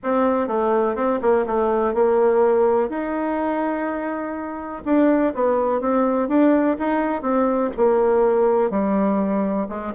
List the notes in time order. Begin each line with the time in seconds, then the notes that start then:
0.03 C4
0.47 A3
0.95 C4
1.21 A#3
1.46 A3
1.94 A#3
2.89 D#4
4.85 D4
5.34 B3
5.80 C4
6.28 D4
6.78 D#4
7.22 C4
7.77 A#3
8.70 G3
9.68 G#3